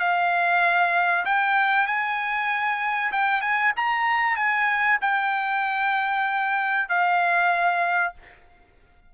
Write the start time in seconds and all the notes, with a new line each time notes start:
0.00 F5
1.25 G5
1.87 G#5
3.12 G5
3.42 G#5
3.77 A#5
4.36 G#5
5.02 G5
6.89 F5